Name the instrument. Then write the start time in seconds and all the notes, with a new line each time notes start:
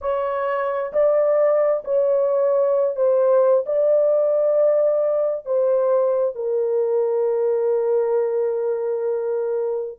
horn
0.01 C#5
0.92 D5
1.84 C#5
2.95 C5
3.66 D5
5.45 C5
6.35 A#4